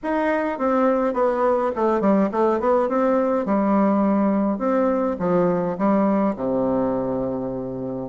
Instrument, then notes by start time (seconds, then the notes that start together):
bassoon
0.03 D#4
0.58 C4
1.13 B3
1.75 A3
2.01 G3
2.31 A3
2.60 B3
2.88 C4
3.45 G3
4.58 C4
5.19 F3
5.77 G3
6.36 C3